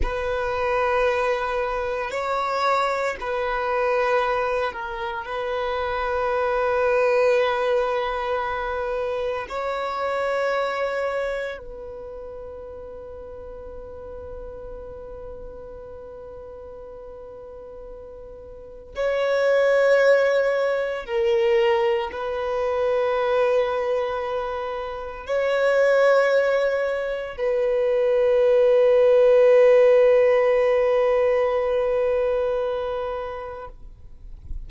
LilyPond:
\new Staff \with { instrumentName = "violin" } { \time 4/4 \tempo 4 = 57 b'2 cis''4 b'4~ | b'8 ais'8 b'2.~ | b'4 cis''2 b'4~ | b'1~ |
b'2 cis''2 | ais'4 b'2. | cis''2 b'2~ | b'1 | }